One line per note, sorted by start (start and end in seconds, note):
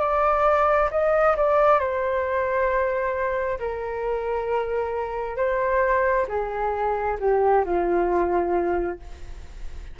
0.00 0.90 D5
0.91 1.36 D#5
1.36 1.80 D5
1.80 3.59 C5
3.59 5.36 A#4
5.36 6.26 C5
6.28 7.18 G#4
7.20 7.64 G4
7.65 9.00 F4